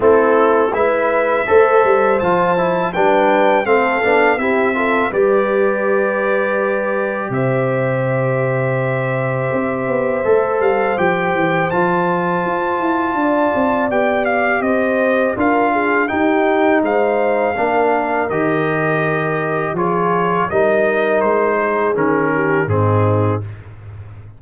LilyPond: <<
  \new Staff \with { instrumentName = "trumpet" } { \time 4/4 \tempo 4 = 82 a'4 e''2 a''4 | g''4 f''4 e''4 d''4~ | d''2 e''2~ | e''2~ e''8 f''8 g''4 |
a''2. g''8 f''8 | dis''4 f''4 g''4 f''4~ | f''4 dis''2 cis''4 | dis''4 c''4 ais'4 gis'4 | }
  \new Staff \with { instrumentName = "horn" } { \time 4/4 e'4 b'4 c''2 | b'4 a'4 g'8 a'8 b'4~ | b'2 c''2~ | c''1~ |
c''2 d''2 | c''4 ais'8 gis'8 g'4 c''4 | ais'2. gis'4 | ais'4. gis'4 g'8 dis'4 | }
  \new Staff \with { instrumentName = "trombone" } { \time 4/4 c'4 e'4 a'4 f'8 e'8 | d'4 c'8 d'8 e'8 f'8 g'4~ | g'1~ | g'2 a'4 g'4 |
f'2. g'4~ | g'4 f'4 dis'2 | d'4 g'2 f'4 | dis'2 cis'4 c'4 | }
  \new Staff \with { instrumentName = "tuba" } { \time 4/4 a4 gis4 a8 g8 f4 | g4 a8 b8 c'4 g4~ | g2 c2~ | c4 c'8 b8 a8 g8 f8 e8 |
f4 f'8 e'8 d'8 c'8 b4 | c'4 d'4 dis'4 gis4 | ais4 dis2 f4 | g4 gis4 dis4 gis,4 | }
>>